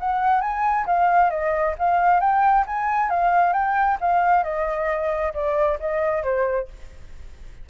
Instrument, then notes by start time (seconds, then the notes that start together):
flute
0.00 F#5
0.41 G#5
0.86 F5
1.30 D#5
1.78 F5
2.20 G5
2.67 G#5
3.10 F5
3.53 G5
4.01 F5
4.43 D#5
5.34 D5
5.80 D#5
6.23 C5